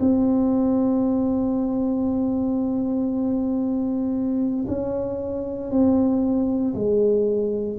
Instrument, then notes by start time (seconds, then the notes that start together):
tuba
0.00 C4
4.67 C#4
5.70 C4
6.74 G#3